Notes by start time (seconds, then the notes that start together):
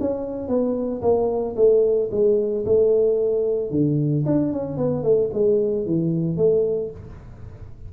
0.00 C#4
0.48 B3
1.01 A#3
1.56 A3
2.11 G#3
2.65 A3
3.70 D3
4.25 D4
4.52 C#4
4.77 B3
5.03 A3
5.33 G#3
5.86 E3
6.37 A3